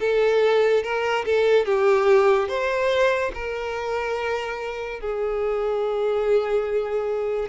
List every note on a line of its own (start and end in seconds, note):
0.00 0.83 A4
0.83 1.25 A#4
1.25 1.65 A4
1.65 2.48 G4
2.48 3.31 C5
3.34 5.00 A#4
5.00 7.48 G#4